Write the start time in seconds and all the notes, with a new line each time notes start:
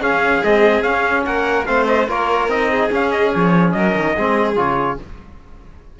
0.00 C#4 G#4 F5
0.42 G#3 C4 D#5
0.82 C#4 F5
1.25 A#3 A#4 F#5
1.65 A3 C4 C5 F5
1.87 D#5
2.08 A#3 F4 A#4 C#5
2.48 C4 D#4 D#5
2.71 G#4
2.90 C#4 F5
3.11 D#5
3.35 F3 C#5
3.72 F#3 A#4 D#5
3.95 D#3
4.16 G#3 C4 G#4
4.56 C#3 F4 C#5